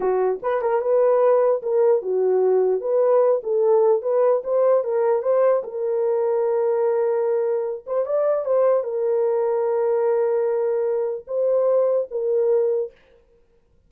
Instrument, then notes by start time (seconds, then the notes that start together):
horn
0.00 F#4
0.42 B4
0.61 A#4
0.81 B4
1.62 A#4
2.01 F#4
2.80 B4
3.43 A4
4.02 B4
4.44 C5
4.84 A#4
5.22 C5
5.63 A#4
7.86 C5
8.05 D5
8.45 C5
8.83 A#4
11.27 C5
12.10 A#4